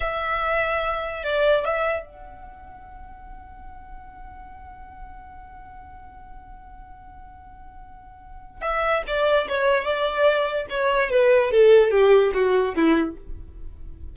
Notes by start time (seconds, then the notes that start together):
0.00 E5
1.23 D5
1.64 E5
2.05 F#5
8.61 E5
9.07 D5
9.48 C#5
9.84 D5
10.69 C#5
11.10 B4
11.51 A4
11.91 G4
12.33 F#4
12.75 E4